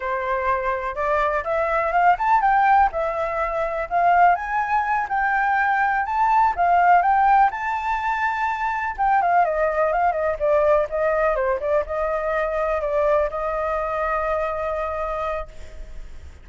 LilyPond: \new Staff \with { instrumentName = "flute" } { \time 4/4 \tempo 4 = 124 c''2 d''4 e''4 | f''8 a''8 g''4 e''2 | f''4 gis''4. g''4.~ | g''8 a''4 f''4 g''4 a''8~ |
a''2~ a''8 g''8 f''8 dis''8~ | dis''8 f''8 dis''8 d''4 dis''4 c''8 | d''8 dis''2 d''4 dis''8~ | dis''1 | }